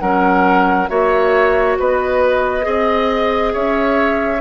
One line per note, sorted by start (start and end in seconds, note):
0.00 0.90 F#3
0.00 0.88 C#4
0.00 0.90 A#4
0.00 0.88 F#5
0.88 1.78 A#3
0.88 2.62 F#4
0.88 1.78 C#5
0.88 1.77 E5
1.79 2.66 B3
1.79 2.66 B4
1.79 3.55 D#5
2.62 3.54 C4
2.62 4.38 G#4
2.62 3.53 D#5
3.53 4.41 C#4
3.53 4.41 C#5
3.53 4.41 E5